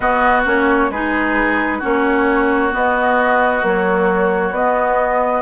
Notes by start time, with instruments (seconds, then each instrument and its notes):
0.00 bassoon B3, clarinet B3, oboe F#4, flute D#5
0.45 bassoon A#3, clarinet C#4, flute C#5
0.90 bassoon G#3, clarinet D#4, oboe G#4, flute B4
1.78 bassoon A#3, clarinet C#4, oboe F#4, flute C#5
2.70 clarinet B3, bassoon B3, flute D#5
3.62 clarinet F#3, bassoon A#3, flute C#5
4.50 bassoon B3, flute D#5
4.56 clarinet B3